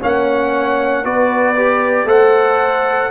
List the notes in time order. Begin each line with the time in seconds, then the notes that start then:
0.00 A#3 C#4 C#5 F#5
1.04 B3 F#4 B4 D5
1.57 G4
2.04 A3 A4 C5 F#5